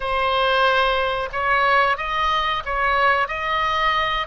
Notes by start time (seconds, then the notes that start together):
0.00 C5
1.32 C#5
1.97 D#5
2.65 C#5
3.28 D#5